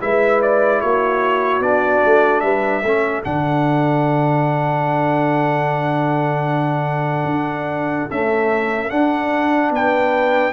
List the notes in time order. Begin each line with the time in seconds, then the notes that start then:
0.00 G#3 E4 B4 E5
0.42 D5
0.81 A#3 F#4 C#5
1.60 B3 D4 D5
2.05 A3
2.40 G3 B4 E5
2.82 A3 C#4 A4
3.23 D3 D4 F#5
7.25 D4
8.10 A3 C#4 E5
8.90 D4 F#5
9.70 B3 B4 G5